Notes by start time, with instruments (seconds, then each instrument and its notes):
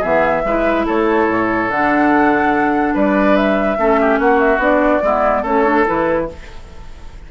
0.00 bassoon E3, clarinet B3, oboe G#4, flute E5
0.44 bassoon G#3, clarinet E4, oboe B4
0.86 bassoon A3, oboe A4, flute C#5
1.28 bassoon A2
1.69 bassoon D3, clarinet D4, flute F#5
2.94 bassoon G3, oboe B4, flute D5
3.36 flute E5
3.78 bassoon A3, clarinet C#4, oboe A4
4.00 oboe G4
4.19 bassoon A#3, oboe F#4, flute F#5
4.39 flute E5
4.58 bassoon B3, clarinet D4, flute D5
5.02 bassoon G#3, clarinet B3, oboe E4
5.42 bassoon A3, clarinet C#4, oboe A4, flute C#5
5.64 clarinet D4
5.86 bassoon E3, clarinet E4, flute B4